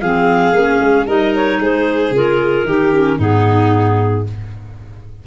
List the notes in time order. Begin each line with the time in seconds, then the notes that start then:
0.00 F3 C4 G#4 F5
0.52 A#3 C#4
0.80 G#3
1.06 G3 D#4 A#4 D#5
1.35 C#5
1.60 G#3 G#4 C5
2.10 C#3 F4 A#4
2.64 D#3 D#4 G4
2.92 C#4
3.18 G#2 B3 D#4 G#4